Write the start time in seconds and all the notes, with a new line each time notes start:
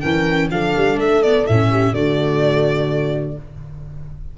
0.00 E3 C#4 A#4 G5
0.50 F3 D4 A4 F5
0.77 G3
0.96 A3 E5
1.23 B3 D5
1.46 A2 C#4 E5
1.70 G4
1.91 D3 A3 F#4 D5